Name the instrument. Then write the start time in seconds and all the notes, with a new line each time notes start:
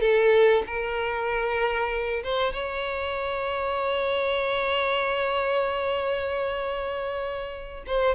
violin
0.00 A4
0.66 A#4
2.23 C5
2.53 C#5
7.86 C5